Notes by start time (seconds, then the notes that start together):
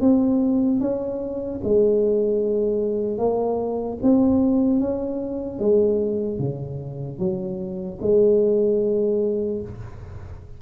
0.00 C4
0.80 C#4
1.63 G#3
3.17 A#3
4.02 C4
4.80 C#4
5.59 G#3
6.39 C#3
7.18 F#3
8.01 G#3